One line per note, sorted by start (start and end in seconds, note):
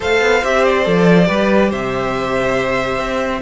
0.00 0.21 A3
0.00 0.42 A4
0.00 1.27 C5
0.00 0.44 F5
0.21 0.42 B3
0.43 0.86 C4
0.43 0.84 G4
0.43 0.64 E5
0.64 1.71 D5
0.84 1.29 F3
0.84 1.24 A4
1.24 1.72 G3
1.24 3.38 G4
1.24 1.70 B4
1.70 2.98 C3
1.70 3.41 C5
1.70 3.42 E5
2.98 3.41 C4